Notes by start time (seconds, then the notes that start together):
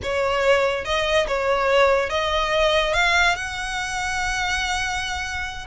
0.02 C#5
0.84 D#5
1.27 C#5
2.09 D#5
2.93 F5
3.35 F#5